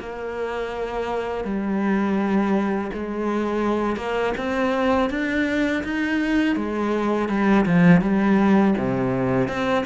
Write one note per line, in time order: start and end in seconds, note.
0.00 1.45 A#3
1.45 2.91 G3
2.93 3.97 G#3
3.97 4.33 A#3
4.37 5.10 C4
5.10 5.83 D4
5.84 6.56 D#4
6.56 7.29 G#3
7.29 7.66 G3
7.66 8.01 F3
8.01 8.74 G3
8.78 9.48 C3
9.48 9.85 C4